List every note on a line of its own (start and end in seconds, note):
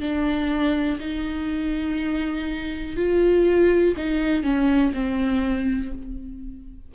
0.00 0.98 D4
0.99 2.96 D#4
2.96 3.94 F4
3.97 4.43 D#4
4.43 4.92 C#4
4.93 5.92 C4